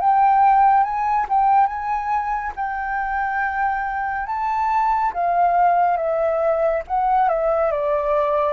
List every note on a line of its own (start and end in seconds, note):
0.00 0.83 G5
0.83 1.26 G#5
1.29 1.67 G5
1.67 2.52 G#5
2.56 4.27 G5
4.27 5.13 A5
5.14 5.97 F5
5.97 6.83 E5
6.87 7.29 F#5
7.29 7.71 E5
7.71 8.53 D5